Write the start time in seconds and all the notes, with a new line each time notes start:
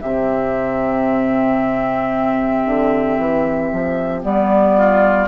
0.00 C3 C4 G4 E5
2.65 D3
3.17 E3
3.72 F3
4.22 G3 B3 D5
4.75 F4